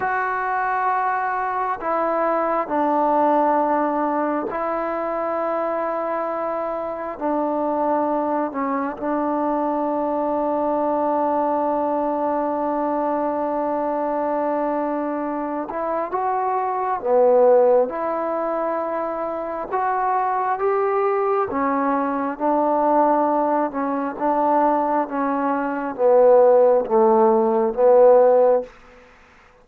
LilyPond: \new Staff \with { instrumentName = "trombone" } { \time 4/4 \tempo 4 = 67 fis'2 e'4 d'4~ | d'4 e'2. | d'4. cis'8 d'2~ | d'1~ |
d'4. e'8 fis'4 b4 | e'2 fis'4 g'4 | cis'4 d'4. cis'8 d'4 | cis'4 b4 a4 b4 | }